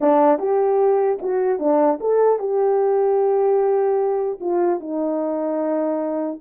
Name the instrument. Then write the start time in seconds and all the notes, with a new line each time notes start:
horn
0.00 D4
0.38 G4
1.21 F#4
1.59 D4
2.00 A4
2.39 G4
4.40 F4
4.79 D#4